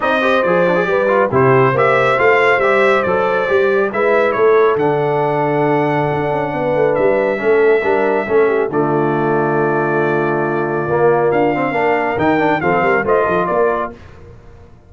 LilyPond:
<<
  \new Staff \with { instrumentName = "trumpet" } { \time 4/4 \tempo 4 = 138 dis''4 d''2 c''4 | e''4 f''4 e''4 d''4~ | d''4 e''4 cis''4 fis''4~ | fis''1 |
e''1 | d''1~ | d''2 f''2 | g''4 f''4 dis''4 d''4 | }
  \new Staff \with { instrumentName = "horn" } { \time 4/4 d''8 c''4. b'4 g'4 | c''1~ | c''4 b'4 a'2~ | a'2. b'4~ |
b'4 a'4 ais'4 a'8 g'8 | f'1~ | f'2. ais'4~ | ais'4 a'8 ais'8 c''8 a'8 ais'4 | }
  \new Staff \with { instrumentName = "trombone" } { \time 4/4 dis'8 g'8 gis'8 d'16 gis'16 g'8 f'8 e'4 | g'4 f'4 g'4 a'4 | g'4 e'2 d'4~ | d'1~ |
d'4 cis'4 d'4 cis'4 | a1~ | a4 ais4. c'8 d'4 | dis'8 d'8 c'4 f'2 | }
  \new Staff \with { instrumentName = "tuba" } { \time 4/4 c'4 f4 g4 c4 | ais4 a4 g4 fis4 | g4 gis4 a4 d4~ | d2 d'8 cis'8 b8 a8 |
g4 a4 g4 a4 | d1~ | d4 ais4 d'4 ais4 | dis4 f8 g8 a8 f8 ais4 | }
>>